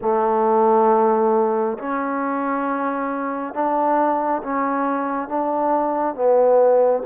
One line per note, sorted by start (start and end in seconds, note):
0.01 1.78 A3
1.78 3.53 C#4
3.53 4.42 D4
4.43 5.28 C#4
5.28 6.14 D4
6.14 7.03 B3